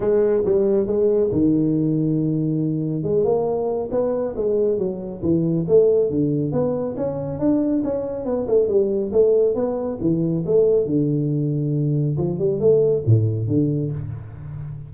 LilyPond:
\new Staff \with { instrumentName = "tuba" } { \time 4/4 \tempo 4 = 138 gis4 g4 gis4 dis4~ | dis2. gis8 ais8~ | ais4 b4 gis4 fis4 | e4 a4 d4 b4 |
cis'4 d'4 cis'4 b8 a8 | g4 a4 b4 e4 | a4 d2. | f8 g8 a4 a,4 d4 | }